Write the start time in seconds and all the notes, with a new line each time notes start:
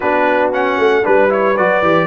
0.00 B3 D4 F#4 B4
0.52 C#4 F#5
0.78 A3
1.03 G3 D4 B4
1.29 E4 C#5
1.56 F#3 F#4 D5
1.82 E3 G4